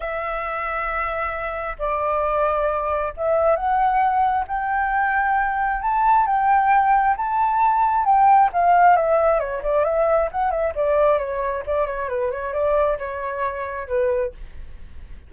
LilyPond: \new Staff \with { instrumentName = "flute" } { \time 4/4 \tempo 4 = 134 e''1 | d''2. e''4 | fis''2 g''2~ | g''4 a''4 g''2 |
a''2 g''4 f''4 | e''4 cis''8 d''8 e''4 fis''8 e''8 | d''4 cis''4 d''8 cis''8 b'8 cis''8 | d''4 cis''2 b'4 | }